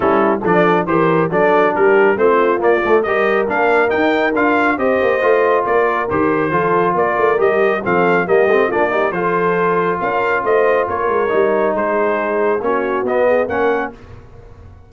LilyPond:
<<
  \new Staff \with { instrumentName = "trumpet" } { \time 4/4 \tempo 4 = 138 a'4 d''4 c''4 d''4 | ais'4 c''4 d''4 dis''4 | f''4 g''4 f''4 dis''4~ | dis''4 d''4 c''2 |
d''4 dis''4 f''4 dis''4 | d''4 c''2 f''4 | dis''4 cis''2 c''4~ | c''4 cis''4 dis''4 fis''4 | }
  \new Staff \with { instrumentName = "horn" } { \time 4/4 e'4 a'4 ais'4 a'4 | g'4 f'2 ais'4~ | ais'2. c''4~ | c''4 ais'2 a'4 |
ais'2 a'4 g'4 | f'8 g'8 a'2 ais'4 | c''4 ais'2 gis'4~ | gis'4 fis'4. gis'8 ais'4 | }
  \new Staff \with { instrumentName = "trombone" } { \time 4/4 cis'4 d'4 g'4 d'4~ | d'4 c'4 ais8 a8 g'4 | d'4 dis'4 f'4 g'4 | f'2 g'4 f'4~ |
f'4 g'4 c'4 ais8 c'8 | d'8 dis'8 f'2.~ | f'2 dis'2~ | dis'4 cis'4 b4 cis'4 | }
  \new Staff \with { instrumentName = "tuba" } { \time 4/4 g4 f4 e4 fis4 | g4 a4 ais8 a8 g4 | ais4 dis'4 d'4 c'8 ais8 | a4 ais4 dis4 f4 |
ais8 a8 g4 f4 g8 a8 | ais4 f2 cis'4 | a4 ais8 gis8 g4 gis4~ | gis4 ais4 b4 ais4 | }
>>